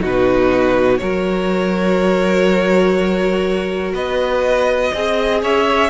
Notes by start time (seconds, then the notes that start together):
0.00 B2 D#4 F#4 B4
0.98 F#3 F#4 A#4 C#5
3.92 B3 B4 D#5
4.92 C4 G#4 D#5
5.42 C#4 C#5 E5